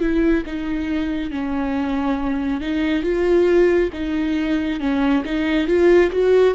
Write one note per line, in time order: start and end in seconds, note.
0.00 0.43 E4
0.46 1.30 D#4
1.30 2.61 C#4
2.61 3.03 D#4
3.03 3.90 F4
3.93 4.80 D#4
4.80 5.23 C#4
5.25 5.67 D#4
5.67 6.10 F4
6.11 6.55 F#4